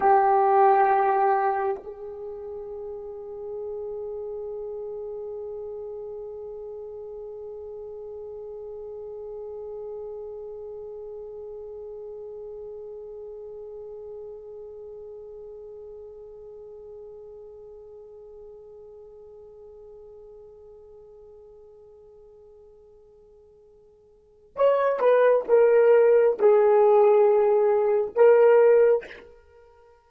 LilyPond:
\new Staff \with { instrumentName = "horn" } { \time 4/4 \tempo 4 = 66 g'2 gis'2~ | gis'1~ | gis'1~ | gis'1~ |
gis'1~ | gis'1~ | gis'2. cis''8 b'8 | ais'4 gis'2 ais'4 | }